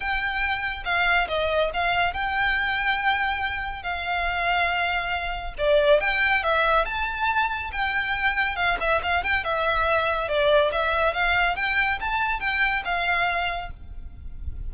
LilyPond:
\new Staff \with { instrumentName = "violin" } { \time 4/4 \tempo 4 = 140 g''2 f''4 dis''4 | f''4 g''2.~ | g''4 f''2.~ | f''4 d''4 g''4 e''4 |
a''2 g''2 | f''8 e''8 f''8 g''8 e''2 | d''4 e''4 f''4 g''4 | a''4 g''4 f''2 | }